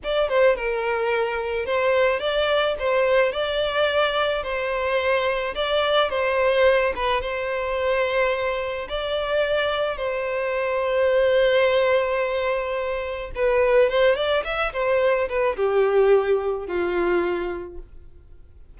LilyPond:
\new Staff \with { instrumentName = "violin" } { \time 4/4 \tempo 4 = 108 d''8 c''8 ais'2 c''4 | d''4 c''4 d''2 | c''2 d''4 c''4~ | c''8 b'8 c''2. |
d''2 c''2~ | c''1 | b'4 c''8 d''8 e''8 c''4 b'8 | g'2 f'2 | }